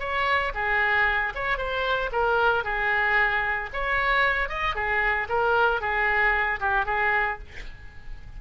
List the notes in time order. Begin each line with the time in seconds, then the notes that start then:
0.00 C#5
0.55 G#4
1.35 C#5
1.58 C5
2.12 A#4
2.65 G#4
3.73 C#5
4.49 D#5
4.76 G#4
5.29 A#4
5.81 G#4
6.61 G4
6.86 G#4